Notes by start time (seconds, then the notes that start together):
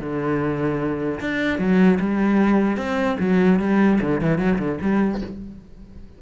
0.00 D3
1.21 D4
1.59 F#3
2.00 G3
2.77 C4
3.19 F#3
3.59 G3
4.01 D3
4.21 E3
4.38 F#3
4.59 D3
4.81 G3